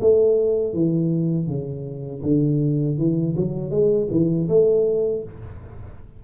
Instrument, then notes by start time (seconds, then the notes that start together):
tuba
0.00 A3
0.73 E3
1.47 C#3
2.22 D3
2.97 E3
3.36 F#3
3.70 G#3
4.10 E3
4.48 A3